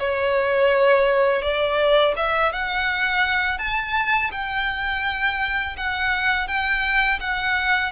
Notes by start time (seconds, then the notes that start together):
0.00 C#5
1.42 D5
2.17 E5
2.53 F#5
3.58 A5
4.32 G5
5.77 F#5
6.48 G5
7.20 F#5